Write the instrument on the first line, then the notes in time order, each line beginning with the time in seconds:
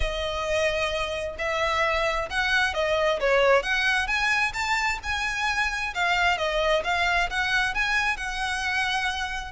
violin
0.00 D#5
1.38 E5
2.30 F#5
2.74 D#5
3.20 C#5
3.62 F#5
4.07 G#5
4.53 A5
5.03 G#5
5.94 F5
6.37 D#5
6.84 F5
7.30 F#5
7.74 G#5
8.16 F#5